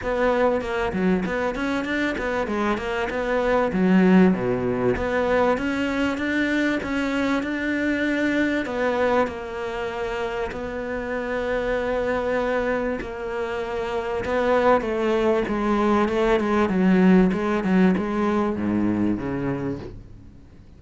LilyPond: \new Staff \with { instrumentName = "cello" } { \time 4/4 \tempo 4 = 97 b4 ais8 fis8 b8 cis'8 d'8 b8 | gis8 ais8 b4 fis4 b,4 | b4 cis'4 d'4 cis'4 | d'2 b4 ais4~ |
ais4 b2.~ | b4 ais2 b4 | a4 gis4 a8 gis8 fis4 | gis8 fis8 gis4 gis,4 cis4 | }